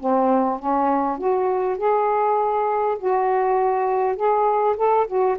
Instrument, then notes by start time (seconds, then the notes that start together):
saxophone
0.00 C4
0.60 C#4
1.19 F#4
1.78 G#4
2.99 F#4
4.16 G#4
4.77 A4
5.08 F#4